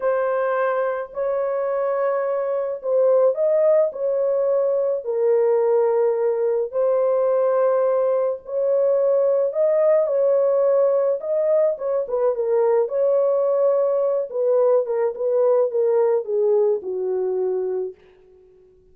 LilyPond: \new Staff \with { instrumentName = "horn" } { \time 4/4 \tempo 4 = 107 c''2 cis''2~ | cis''4 c''4 dis''4 cis''4~ | cis''4 ais'2. | c''2. cis''4~ |
cis''4 dis''4 cis''2 | dis''4 cis''8 b'8 ais'4 cis''4~ | cis''4. b'4 ais'8 b'4 | ais'4 gis'4 fis'2 | }